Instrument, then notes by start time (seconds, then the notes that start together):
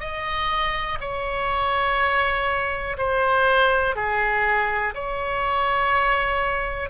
oboe
0.00 D#5
1.00 C#5
2.98 C5
3.95 G#4
4.94 C#5